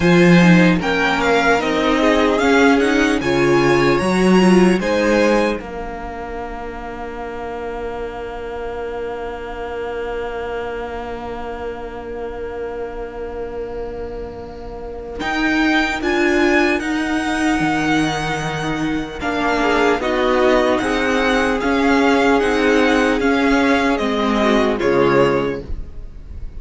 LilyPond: <<
  \new Staff \with { instrumentName = "violin" } { \time 4/4 \tempo 4 = 75 gis''4 g''8 f''8 dis''4 f''8 fis''8 | gis''4 ais''4 gis''4 f''4~ | f''1~ | f''1~ |
f''2. g''4 | gis''4 fis''2. | f''4 dis''4 fis''4 f''4 | fis''4 f''4 dis''4 cis''4 | }
  \new Staff \with { instrumentName = "violin" } { \time 4/4 c''4 ais'4. gis'4. | cis''2 c''4 ais'4~ | ais'1~ | ais'1~ |
ais'1~ | ais'1~ | ais'8 gis'8 fis'4 gis'2~ | gis'2~ gis'8 fis'8 f'4 | }
  \new Staff \with { instrumentName = "viola" } { \time 4/4 f'8 dis'8 cis'4 dis'4 cis'8 dis'8 | f'4 fis'8 f'8 dis'4 d'4~ | d'1~ | d'1~ |
d'2. dis'4 | f'4 dis'2. | d'4 dis'2 cis'4 | dis'4 cis'4 c'4 gis4 | }
  \new Staff \with { instrumentName = "cello" } { \time 4/4 f4 ais4 c'4 cis'4 | cis4 fis4 gis4 ais4~ | ais1~ | ais1~ |
ais2. dis'4 | d'4 dis'4 dis2 | ais4 b4 c'4 cis'4 | c'4 cis'4 gis4 cis4 | }
>>